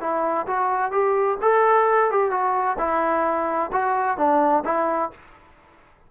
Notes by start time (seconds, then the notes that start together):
0.00 E4
0.46 F#4
0.91 G4
1.41 A4
2.11 G4
2.30 F#4
2.78 E4
3.72 F#4
4.17 D4
4.64 E4